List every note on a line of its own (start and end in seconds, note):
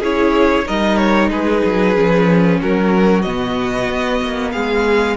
0.00 0.65 C#4
0.00 0.66 E4
0.00 0.65 G#4
0.00 0.67 C#5
0.66 1.29 G3
0.66 1.95 D#4
0.66 1.30 A#4
0.66 0.96 D#5
0.96 1.29 C#5
1.29 1.62 G#3
1.29 2.59 G#4
1.29 2.60 B4
1.64 1.97 F#3
1.95 2.61 F3
1.95 3.24 C#4
2.60 3.26 F#3
2.60 4.52 F#4
2.60 3.22 A#4
3.22 3.88 B2
3.22 5.17 B3
3.22 4.51 D#5
3.88 4.20 B3
4.22 4.55 A#3
4.51 5.17 G#3
4.51 5.17 G#4
4.51 5.16 F5